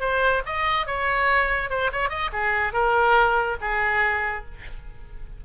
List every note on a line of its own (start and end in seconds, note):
0.00 0.42 C5
0.46 0.86 D#5
0.86 1.70 C#5
1.70 1.91 C5
1.92 2.09 C#5
2.09 2.30 D#5
2.32 2.73 G#4
2.73 3.56 A#4
3.61 4.45 G#4